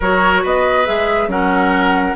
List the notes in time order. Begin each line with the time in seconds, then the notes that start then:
0.00 F#3 F#4 A#4 C#5
0.42 B3 B4 D#5
0.85 G#3 G#4 E5
1.27 F#3 C#4 A#4 F#5